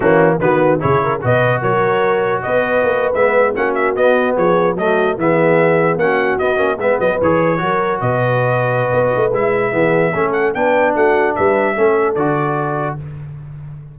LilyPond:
<<
  \new Staff \with { instrumentName = "trumpet" } { \time 4/4 \tempo 4 = 148 fis'4 b'4 cis''4 dis''4 | cis''2 dis''4.~ dis''16 e''16~ | e''8. fis''8 e''8 dis''4 cis''4 dis''16~ | dis''8. e''2 fis''4 dis''16~ |
dis''8. e''8 dis''8 cis''2 dis''16~ | dis''2. e''4~ | e''4. fis''8 g''4 fis''4 | e''2 d''2 | }
  \new Staff \with { instrumentName = "horn" } { \time 4/4 cis'4 fis'4 gis'8 ais'8 b'4 | ais'2 b'2~ | b'8. fis'2 gis'4 fis'16~ | fis'8. gis'2 fis'4~ fis'16~ |
fis'8. b'2 ais'4 b'16~ | b'1 | gis'4 a'4 b'4 fis'4 | b'4 a'2. | }
  \new Staff \with { instrumentName = "trombone" } { \time 4/4 ais4 b4 e'4 fis'4~ | fis'2.~ fis'8. b16~ | b8. cis'4 b2 a16~ | a8. b2 cis'4 b16~ |
b16 cis'8 b4 gis'4 fis'4~ fis'16~ | fis'2. e'4 | b4 cis'4 d'2~ | d'4 cis'4 fis'2 | }
  \new Staff \with { instrumentName = "tuba" } { \time 4/4 e4 dis4 cis4 b,4 | fis2 b4 ais8. gis16~ | gis8. ais4 b4 f4 fis16~ | fis8. e2 ais4 b16~ |
b16 ais8 gis8 fis8 e4 fis4 b,16~ | b,2 b8 a8 gis4 | e4 a4 b4 a4 | g4 a4 d2 | }
>>